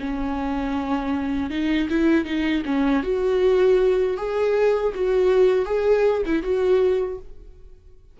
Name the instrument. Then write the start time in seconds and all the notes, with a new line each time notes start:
viola
0.00 C#4
1.50 D#4
1.90 E4
2.25 D#4
2.65 C#4
3.03 F#4
4.17 G#4
4.95 F#4
5.65 G#4
6.26 E4
6.43 F#4